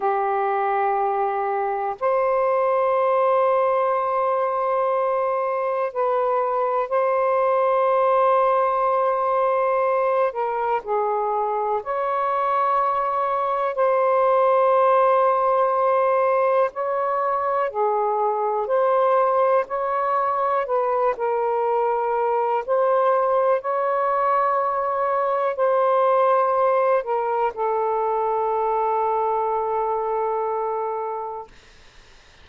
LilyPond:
\new Staff \with { instrumentName = "saxophone" } { \time 4/4 \tempo 4 = 61 g'2 c''2~ | c''2 b'4 c''4~ | c''2~ c''8 ais'8 gis'4 | cis''2 c''2~ |
c''4 cis''4 gis'4 c''4 | cis''4 b'8 ais'4. c''4 | cis''2 c''4. ais'8 | a'1 | }